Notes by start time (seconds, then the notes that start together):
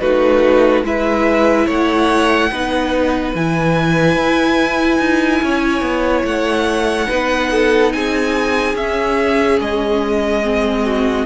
0.00 A3 D#4 F#4 B4
0.83 G#3 E4 B4 E5
1.66 A3 C#5 F#5
2.50 B3 D#4 B4
3.35 E3 E4 G#5
4.16 E4
4.99 D#4
5.42 C#4 C#5
5.81 B3
6.24 A3 F#5
7.08 B3 D#4 B4
7.51 A4
7.92 C4 G#4 G#5
8.75 C#4 E5
9.60 G#3 D#5
10.43 C4
10.85 F#4